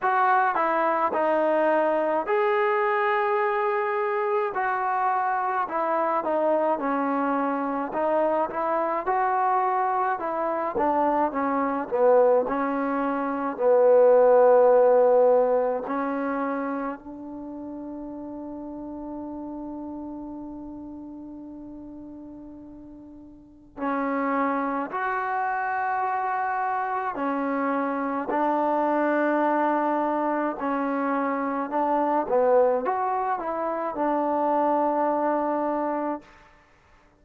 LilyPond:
\new Staff \with { instrumentName = "trombone" } { \time 4/4 \tempo 4 = 53 fis'8 e'8 dis'4 gis'2 | fis'4 e'8 dis'8 cis'4 dis'8 e'8 | fis'4 e'8 d'8 cis'8 b8 cis'4 | b2 cis'4 d'4~ |
d'1~ | d'4 cis'4 fis'2 | cis'4 d'2 cis'4 | d'8 b8 fis'8 e'8 d'2 | }